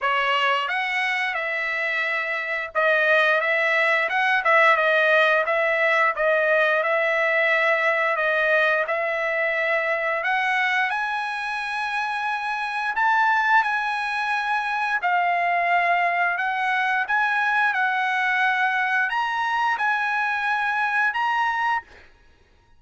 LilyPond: \new Staff \with { instrumentName = "trumpet" } { \time 4/4 \tempo 4 = 88 cis''4 fis''4 e''2 | dis''4 e''4 fis''8 e''8 dis''4 | e''4 dis''4 e''2 | dis''4 e''2 fis''4 |
gis''2. a''4 | gis''2 f''2 | fis''4 gis''4 fis''2 | ais''4 gis''2 ais''4 | }